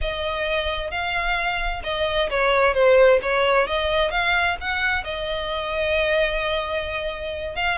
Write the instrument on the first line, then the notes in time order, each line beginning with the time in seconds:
violin
0.01 D#5
0.91 F5
1.83 D#5
2.30 C#5
2.74 C5
3.22 C#5
3.67 D#5
4.10 F5
4.60 F#5
5.04 D#5
7.55 F5